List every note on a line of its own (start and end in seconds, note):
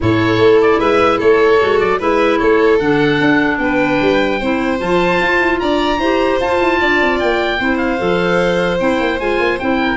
0.00 0.38 A2
0.00 1.58 E4
0.00 0.79 A4
0.00 0.61 C#5
0.38 0.78 A3
0.61 0.79 D5
0.79 1.19 G#3
0.79 1.18 B4
0.79 1.19 E5
1.18 1.61 A3
1.18 1.98 A4
1.18 1.79 C#5
1.60 1.81 G#3
1.60 1.99 F#4
1.79 2.00 F#3
1.79 1.99 D5
1.99 2.40 G#3
1.99 2.79 E4
1.99 2.38 B4
1.99 2.38 E5
2.38 2.80 A3
2.38 3.58 A4
2.38 2.78 C#5
2.79 3.20 D3
2.79 4.41 D4
2.79 3.58 F#5
3.20 3.58 D4
3.58 3.98 B3
3.58 4.39 B4
3.58 4.78 G5
4.01 4.41 G3
4.39 4.80 C4
4.39 4.77 E4
4.39 5.59 C5
4.77 5.20 F3
4.77 5.97 F4
4.77 5.59 A5
5.21 5.41 F4
5.41 5.61 E4
5.59 5.98 D4
5.59 5.99 D5
5.59 6.39 A#5
5.98 6.38 E4
5.98 6.41 G4
5.98 6.79 C5
6.40 6.60 F4
6.40 7.59 F4
6.40 7.19 A5
6.61 6.81 E4
6.80 7.01 D4
6.80 7.59 D5
7.01 7.21 C4
7.19 7.60 A#3
7.19 7.77 G5
7.59 8.00 C4
7.59 7.98 E4
7.59 9.79 C5
7.77 8.77 F5
7.98 8.80 F3
7.98 8.78 A4
8.79 8.99 C4
8.79 9.19 E4
8.79 9.19 G5
8.99 9.19 A#3
9.19 9.38 G#3
9.19 9.59 F4
9.19 9.59 G#5
9.38 9.58 A#3
9.59 9.97 C4
9.59 9.97 E4
9.59 9.97 G5
9.79 9.97 A#4